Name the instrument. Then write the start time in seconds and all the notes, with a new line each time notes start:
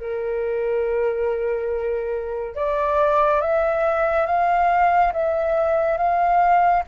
flute
0.00 A#4
2.56 D5
3.41 E5
4.27 F5
5.13 E5
5.98 F5